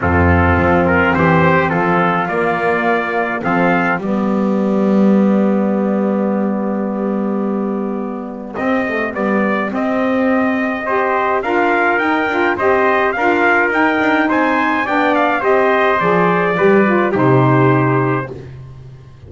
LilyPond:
<<
  \new Staff \with { instrumentName = "trumpet" } { \time 4/4 \tempo 4 = 105 a'4. ais'8 c''4 a'4 | d''2 f''4 d''4~ | d''1~ | d''2. dis''4 |
d''4 dis''2. | f''4 g''4 dis''4 f''4 | g''4 gis''4 g''8 f''8 dis''4 | d''2 c''2 | }
  \new Staff \with { instrumentName = "trumpet" } { \time 4/4 f'2 g'4 f'4~ | f'2 a'4 g'4~ | g'1~ | g'1~ |
g'2. c''4 | ais'2 c''4 ais'4~ | ais'4 c''4 d''4 c''4~ | c''4 b'4 g'2 | }
  \new Staff \with { instrumentName = "saxophone" } { \time 4/4 c'1 | ais2 c'4 b4~ | b1~ | b2. c'8 a8 |
b4 c'2 g'4 | f'4 dis'8 f'8 g'4 f'4 | dis'2 d'4 g'4 | gis'4 g'8 f'8 dis'2 | }
  \new Staff \with { instrumentName = "double bass" } { \time 4/4 f,4 f4 e4 f4 | ais2 f4 g4~ | g1~ | g2. c'4 |
g4 c'2. | d'4 dis'8 d'8 c'4 d'4 | dis'8 d'8 c'4 b4 c'4 | f4 g4 c2 | }
>>